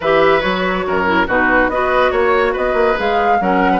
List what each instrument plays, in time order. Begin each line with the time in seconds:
0.00 bassoon E3, clarinet G4, oboe B4, flute E5
0.40 bassoon F#3, clarinet F#4, flute C#5
0.86 bassoon F#2, oboe A#4
1.05 clarinet E4
1.27 bassoon B2, clarinet D#4, oboe F#4, flute B4
1.68 bassoon B3, clarinet F#4, oboe B4, flute D#5
2.10 bassoon A#3, flute C#5, oboe C#5
2.52 bassoon B3, oboe B4, flute D#5
2.73 bassoon A#3
2.96 bassoon G#3, clarinet G#4, flute F5
3.40 bassoon F#3, clarinet C#4, oboe A#4, flute F#5
3.71 oboe B4